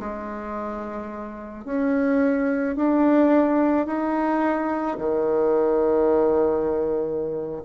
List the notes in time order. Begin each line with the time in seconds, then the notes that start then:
0.00 G#3
1.65 C#4
2.76 D4
3.87 D#4
4.98 D#3